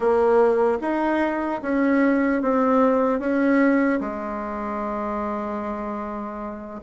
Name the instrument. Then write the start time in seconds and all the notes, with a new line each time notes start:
bassoon
0.00 A#3
0.81 D#4
1.62 C#4
2.42 C4
3.19 C#4
4.00 G#3